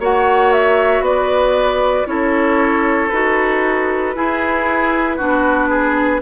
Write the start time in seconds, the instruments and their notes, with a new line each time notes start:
0.00 bassoon A#3, clarinet F#4, oboe C#5, flute F#5
0.53 flute E5
1.01 bassoon B3, oboe B4, flute D5
2.06 bassoon C#4, clarinet E4, oboe A4, flute C#5
3.10 bassoon D#4, clarinet F#4, flute B4
4.16 clarinet E4, bassoon E4, oboe G#4
5.17 bassoon B3, clarinet D4, oboe F#4
5.70 oboe G#4